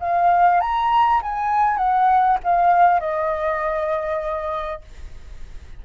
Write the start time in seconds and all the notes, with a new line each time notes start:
0.00 F5
0.61 A#5
1.23 G#5
1.77 F#5
2.44 F5
3.00 D#5